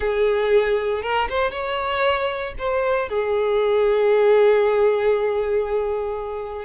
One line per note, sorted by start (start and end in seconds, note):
0.00 1.02 G#4
1.02 1.28 A#4
1.29 1.51 C5
1.51 2.54 C#5
2.58 3.09 C5
3.09 6.65 G#4